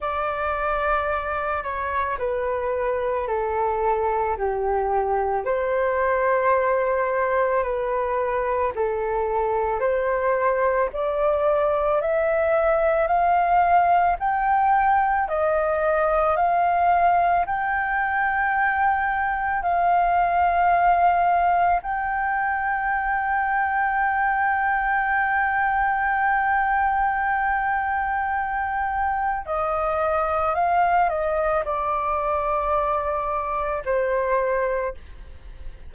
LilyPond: \new Staff \with { instrumentName = "flute" } { \time 4/4 \tempo 4 = 55 d''4. cis''8 b'4 a'4 | g'4 c''2 b'4 | a'4 c''4 d''4 e''4 | f''4 g''4 dis''4 f''4 |
g''2 f''2 | g''1~ | g''2. dis''4 | f''8 dis''8 d''2 c''4 | }